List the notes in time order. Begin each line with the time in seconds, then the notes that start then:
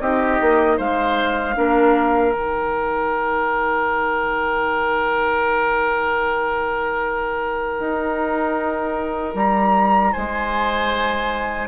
0.00 C4 D#4 G4 D#5
0.41 A#3
0.78 G#3 C5 F5
1.56 A#3 D4 A#4
2.33 D#3 D#4 G5
7.80 D#4
9.35 G3 A#5
10.13 G#3 C5 G#5